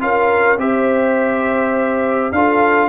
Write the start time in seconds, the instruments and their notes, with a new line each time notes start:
0.00 tuba C#4, trombone F4, horn A#4, trumpet F5
0.58 tuba C4, trombone G4, horn C5, trumpet E5
2.32 tuba D4, trombone F4, horn A4, trumpet F5